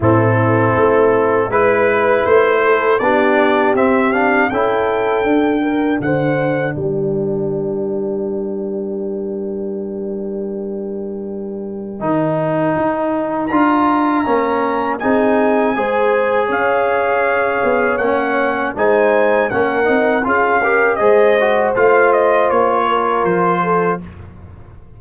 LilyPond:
<<
  \new Staff \with { instrumentName = "trumpet" } { \time 4/4 \tempo 4 = 80 a'2 b'4 c''4 | d''4 e''8 f''8 g''2 | fis''4 g''2.~ | g''1~ |
g''2 ais''2 | gis''2 f''2 | fis''4 gis''4 fis''4 f''4 | dis''4 f''8 dis''8 cis''4 c''4 | }
  \new Staff \with { instrumentName = "horn" } { \time 4/4 e'2 b'4. a'8 | g'2 a'4. ais'8 | c''4 ais'2.~ | ais'1~ |
ais'1 | gis'4 c''4 cis''2~ | cis''4 c''4 ais'4 gis'8 ais'8 | c''2~ c''8 ais'4 a'8 | }
  \new Staff \with { instrumentName = "trombone" } { \time 4/4 c'2 e'2 | d'4 c'8 d'8 e'4 d'4~ | d'1~ | d'1 |
dis'2 f'4 cis'4 | dis'4 gis'2. | cis'4 dis'4 cis'8 dis'8 f'8 g'8 | gis'8 fis'8 f'2. | }
  \new Staff \with { instrumentName = "tuba" } { \time 4/4 a,4 a4 gis4 a4 | b4 c'4 cis'4 d'4 | d4 g2.~ | g1 |
dis4 dis'4 d'4 ais4 | c'4 gis4 cis'4. b8 | ais4 gis4 ais8 c'8 cis'4 | gis4 a4 ais4 f4 | }
>>